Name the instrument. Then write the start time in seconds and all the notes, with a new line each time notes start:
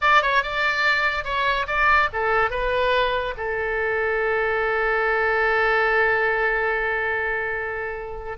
oboe
0.01 D5
0.22 C#5
0.43 D5
1.24 C#5
1.67 D5
2.12 A4
2.50 B4
3.37 A4